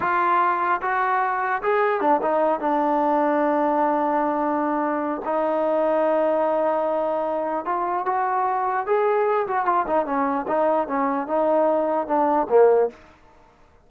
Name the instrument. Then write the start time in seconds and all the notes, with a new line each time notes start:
trombone
0.00 F4
0.81 F#4
1.62 G#4
2.00 D4
2.21 D#4
2.60 D4
5.25 D#4
7.65 F4
8.05 F#4
8.86 G#4
9.47 F#4
9.65 F4
9.86 D#4
10.05 C#4
10.47 D#4
10.87 C#4
11.27 D#4
12.07 D4
12.49 A#3